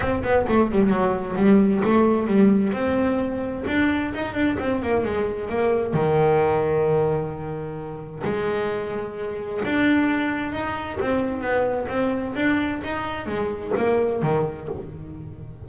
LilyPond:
\new Staff \with { instrumentName = "double bass" } { \time 4/4 \tempo 4 = 131 c'8 b8 a8 g8 fis4 g4 | a4 g4 c'2 | d'4 dis'8 d'8 c'8 ais8 gis4 | ais4 dis2.~ |
dis2 gis2~ | gis4 d'2 dis'4 | c'4 b4 c'4 d'4 | dis'4 gis4 ais4 dis4 | }